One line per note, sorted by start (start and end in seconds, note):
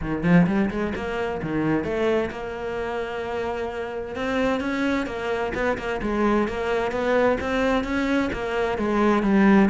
0.01 0.23 D#3
0.23 0.46 F3
0.46 0.69 G3
0.70 0.93 G#3
0.95 1.41 A#3
1.42 1.83 D#3
1.83 2.30 A3
2.31 4.15 A#3
4.15 4.60 C4
4.60 5.06 C#4
5.06 5.52 A#3
5.54 5.77 B3
5.78 6.01 A#3
6.02 6.47 G#3
6.47 6.91 A#3
6.91 7.37 B3
7.40 7.83 C4
7.83 8.30 C#4
8.32 8.78 A#3
8.78 9.23 G#3
9.23 9.69 G3